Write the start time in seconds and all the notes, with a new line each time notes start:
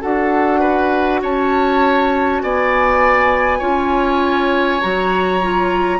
0.00 D4 F#4 A4 F#5
0.60 B4
1.22 C#4 C#5 A5
2.42 B3 D5 G#5
3.58 C#4 F4 C#5
4.81 F#3 F#4 A#5
5.42 F4